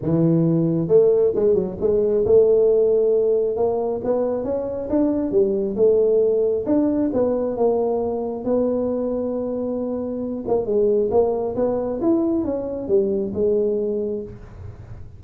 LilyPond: \new Staff \with { instrumentName = "tuba" } { \time 4/4 \tempo 4 = 135 e2 a4 gis8 fis8 | gis4 a2. | ais4 b4 cis'4 d'4 | g4 a2 d'4 |
b4 ais2 b4~ | b2.~ b8 ais8 | gis4 ais4 b4 e'4 | cis'4 g4 gis2 | }